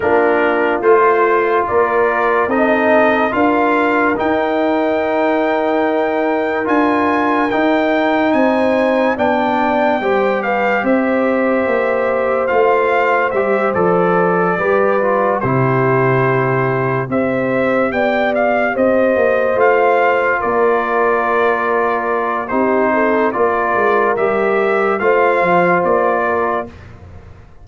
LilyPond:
<<
  \new Staff \with { instrumentName = "trumpet" } { \time 4/4 \tempo 4 = 72 ais'4 c''4 d''4 dis''4 | f''4 g''2. | gis''4 g''4 gis''4 g''4~ | g''8 f''8 e''2 f''4 |
e''8 d''2 c''4.~ | c''8 e''4 g''8 f''8 dis''4 f''8~ | f''8 d''2~ d''8 c''4 | d''4 e''4 f''4 d''4 | }
  \new Staff \with { instrumentName = "horn" } { \time 4/4 f'2 ais'4 a'4 | ais'1~ | ais'2 c''4 d''4 | c''8 b'8 c''2.~ |
c''4. b'4 g'4.~ | g'8 c''4 d''4 c''4.~ | c''8 ais'2~ ais'8 g'8 a'8 | ais'2 c''4. ais'8 | }
  \new Staff \with { instrumentName = "trombone" } { \time 4/4 d'4 f'2 dis'4 | f'4 dis'2. | f'4 dis'2 d'4 | g'2. f'4 |
g'8 a'4 g'8 f'8 e'4.~ | e'8 g'2. f'8~ | f'2. dis'4 | f'4 g'4 f'2 | }
  \new Staff \with { instrumentName = "tuba" } { \time 4/4 ais4 a4 ais4 c'4 | d'4 dis'2. | d'4 dis'4 c'4 b4 | g4 c'4 ais4 a4 |
g8 f4 g4 c4.~ | c8 c'4 b4 c'8 ais8 a8~ | a8 ais2~ ais8 c'4 | ais8 gis8 g4 a8 f8 ais4 | }
>>